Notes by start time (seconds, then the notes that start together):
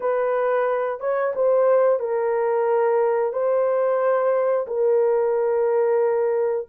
0.00 B4
1.00 C#5
1.35 C5
1.99 A#4
3.32 C5
4.67 A#4